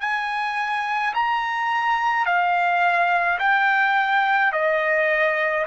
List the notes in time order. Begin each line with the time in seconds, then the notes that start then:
0.00 G#5
1.14 A#5
2.25 F5
3.39 G5
4.52 D#5